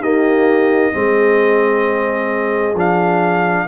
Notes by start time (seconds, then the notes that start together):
0.00 A#3 D#4 G4 D#5
0.93 G#3 C4 G#4
2.74 F3 D4 F5